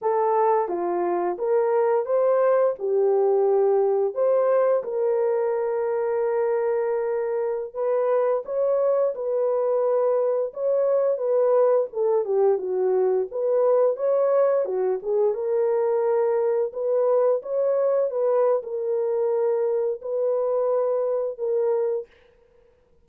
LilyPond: \new Staff \with { instrumentName = "horn" } { \time 4/4 \tempo 4 = 87 a'4 f'4 ais'4 c''4 | g'2 c''4 ais'4~ | ais'2.~ ais'16 b'8.~ | b'16 cis''4 b'2 cis''8.~ |
cis''16 b'4 a'8 g'8 fis'4 b'8.~ | b'16 cis''4 fis'8 gis'8 ais'4.~ ais'16~ | ais'16 b'4 cis''4 b'8. ais'4~ | ais'4 b'2 ais'4 | }